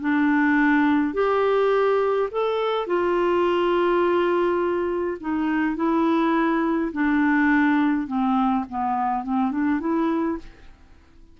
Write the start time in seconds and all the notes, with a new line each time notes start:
0.00 D4
1.14 G4
2.31 A4
2.86 F4
5.20 D#4
5.76 E4
6.92 D4
8.07 C4
8.69 B3
9.23 C4
9.51 D4
9.80 E4